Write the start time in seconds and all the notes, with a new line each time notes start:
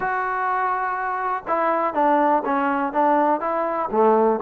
0.00 F#4
1.47 E4
1.94 D4
2.44 C#4
2.92 D4
3.40 E4
3.91 A3